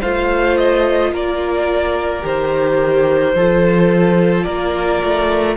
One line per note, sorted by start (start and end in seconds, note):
0.00 1.12 A3
0.00 2.22 F4
0.00 1.11 C5
0.00 0.57 F5
0.57 1.12 D#5
1.12 2.23 A#3
1.12 3.35 A#4
1.12 2.25 D5
2.22 3.34 D#3
2.22 3.33 G4
2.22 4.44 C5
3.34 4.45 F3
3.34 5.56 F4
3.34 4.45 A4
4.44 5.03 A#3
4.44 5.56 A#4
4.44 5.55 D5
5.03 5.56 A3